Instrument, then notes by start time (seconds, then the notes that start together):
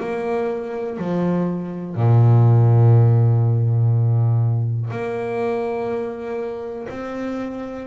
double bass
0.00 A#3
0.98 F3
1.96 A#2
4.91 A#3
6.89 C4